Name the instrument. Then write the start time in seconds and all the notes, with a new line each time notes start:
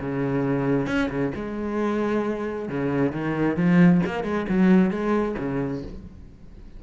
cello
0.00 C#3
0.86 C#4
1.09 C#3
1.35 G#3
2.68 C#3
3.12 D#3
3.56 F3
4.05 A#3
4.23 G#3
4.49 F#3
4.90 G#3
5.38 C#3